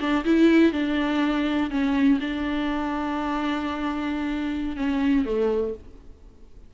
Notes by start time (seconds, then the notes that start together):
0.00 D4
0.25 E4
0.73 D4
1.70 C#4
2.20 D4
4.76 C#4
5.25 A3